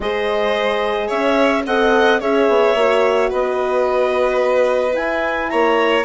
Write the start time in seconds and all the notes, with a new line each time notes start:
0.00 G#3 G#4 C5 D#5
1.07 C#4 C#5 E5
1.66 C4 A4 D#5 F#5
2.20 C#4 G#4 C#5 E5
2.48 B3
2.74 A#3 F#4
3.29 B3 B4 D#5
4.92 E4 G#5
5.49 A#3 C#5 A#5